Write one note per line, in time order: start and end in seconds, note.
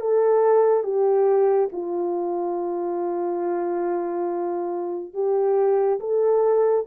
0.00 0.83 A4
0.83 1.69 G4
1.72 5.14 F4
5.14 5.99 G4
6.00 6.85 A4